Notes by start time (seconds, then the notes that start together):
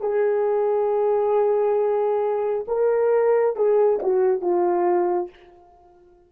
0.00 G#4
2.68 A#4
3.56 G#4
4.02 F#4
4.41 F4